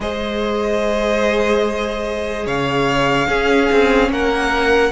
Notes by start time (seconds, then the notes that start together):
0.00 G#3 G#4 C5 D#5
2.46 C#3 C#5 F5
3.27 C#4 G#4
3.71 C4
4.09 A#3 A#4 F#5